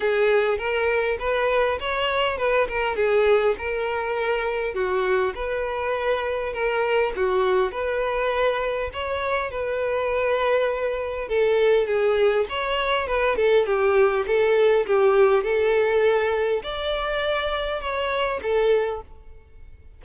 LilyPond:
\new Staff \with { instrumentName = "violin" } { \time 4/4 \tempo 4 = 101 gis'4 ais'4 b'4 cis''4 | b'8 ais'8 gis'4 ais'2 | fis'4 b'2 ais'4 | fis'4 b'2 cis''4 |
b'2. a'4 | gis'4 cis''4 b'8 a'8 g'4 | a'4 g'4 a'2 | d''2 cis''4 a'4 | }